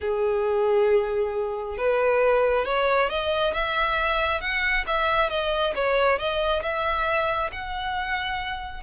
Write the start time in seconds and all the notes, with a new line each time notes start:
0.00 G#4
1.77 B4
2.65 C#5
3.09 D#5
3.53 E5
4.40 F#5
4.86 E5
5.29 D#5
5.75 C#5
6.18 D#5
6.62 E5
7.52 F#5